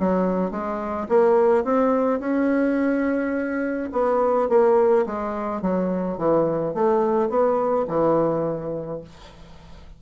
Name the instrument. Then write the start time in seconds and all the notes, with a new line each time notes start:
bassoon
0.00 F#3
0.51 G#3
1.09 A#3
1.64 C4
2.20 C#4
3.92 B3
4.49 A#3
5.06 G#3
5.62 F#3
6.18 E3
6.74 A3
7.29 B3
7.88 E3